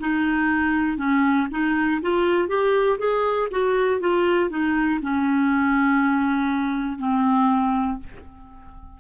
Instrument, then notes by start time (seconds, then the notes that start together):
clarinet
0.00 D#4
0.98 C#4
1.51 D#4
2.02 F4
2.49 G4
2.99 G#4
3.51 F#4
4.00 F4
4.50 D#4
5.02 C#4
6.99 C4